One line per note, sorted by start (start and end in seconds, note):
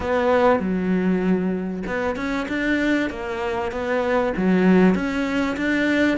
0.00 0.59 B3
0.59 1.83 F#3
1.86 2.16 B3
2.16 2.47 C#4
2.48 3.10 D4
3.10 3.71 A#3
3.71 4.33 B3
4.36 4.94 F#3
4.94 5.56 C#4
5.56 6.17 D4